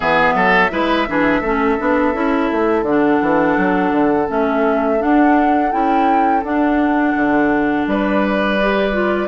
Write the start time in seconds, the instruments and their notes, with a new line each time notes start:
0.00 bassoon E3, clarinet B3, oboe G#4, flute E5
0.34 bassoon F#3, oboe A4
0.70 bassoon G#3, clarinet E4, oboe B4
1.07 bassoon E3, clarinet D4, oboe G#4
1.40 bassoon A3, clarinet C#4, oboe A4
1.78 bassoon B3, clarinet D4
2.13 bassoon C#4, clarinet E4
2.51 bassoon A3
2.82 bassoon D3, flute F#5
2.88 clarinet D4
3.21 bassoon E3
3.57 bassoon F#3
3.91 bassoon D3
4.27 bassoon A3, clarinet C#4, flute E5
4.98 clarinet D4, bassoon D4, flute F#5
5.70 bassoon C#4, clarinet E4, flute G5
6.43 bassoon D4, clarinet D4, flute F#5
7.15 bassoon D3
7.86 bassoon G3, oboe B4, flute D5
8.61 clarinet G4
8.92 clarinet F4